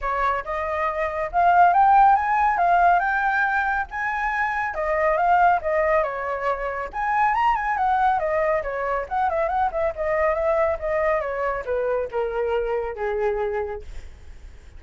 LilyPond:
\new Staff \with { instrumentName = "flute" } { \time 4/4 \tempo 4 = 139 cis''4 dis''2 f''4 | g''4 gis''4 f''4 g''4~ | g''4 gis''2 dis''4 | f''4 dis''4 cis''2 |
gis''4 ais''8 gis''8 fis''4 dis''4 | cis''4 fis''8 e''8 fis''8 e''8 dis''4 | e''4 dis''4 cis''4 b'4 | ais'2 gis'2 | }